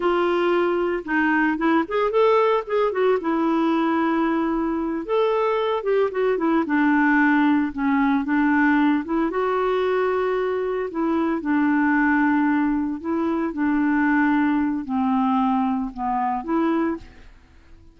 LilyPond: \new Staff \with { instrumentName = "clarinet" } { \time 4/4 \tempo 4 = 113 f'2 dis'4 e'8 gis'8 | a'4 gis'8 fis'8 e'2~ | e'4. a'4. g'8 fis'8 | e'8 d'2 cis'4 d'8~ |
d'4 e'8 fis'2~ fis'8~ | fis'8 e'4 d'2~ d'8~ | d'8 e'4 d'2~ d'8 | c'2 b4 e'4 | }